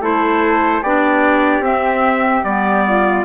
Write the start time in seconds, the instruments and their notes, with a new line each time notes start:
0.00 bassoon A3, clarinet E4, flute A4, trumpet C5
0.82 bassoon B3, clarinet D4, flute G4, trumpet D5
1.60 bassoon C4, clarinet C4, trumpet E5
2.43 bassoon G3, clarinet B3, trumpet D5
2.87 flute F4